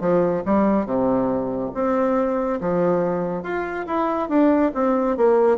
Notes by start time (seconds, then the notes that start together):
0.00 F3
0.45 G3
0.86 C3
1.74 C4
2.61 F3
3.43 F4
3.86 E4
4.29 D4
4.74 C4
5.17 A#3